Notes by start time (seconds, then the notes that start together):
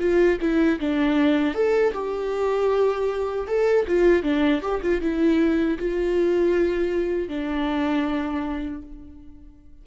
0.00 F4
0.41 E4
0.80 D4
1.55 A4
1.94 G4
3.48 A4
3.88 F4
4.23 D4
4.62 G4
4.83 F4
5.02 E4
5.79 F4
7.29 D4